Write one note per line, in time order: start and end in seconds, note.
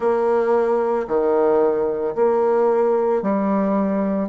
0.00 1.06 A#3
1.07 2.14 D#3
2.15 3.22 A#3
3.22 4.29 G3